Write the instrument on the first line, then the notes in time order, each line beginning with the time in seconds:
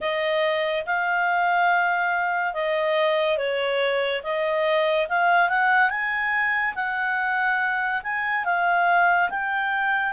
clarinet
0.00 D#5
0.86 F5
2.54 D#5
3.37 C#5
4.23 D#5
5.09 F5
5.49 F#5
5.90 G#5
6.75 F#5
8.03 G#5
8.45 F5
9.30 G5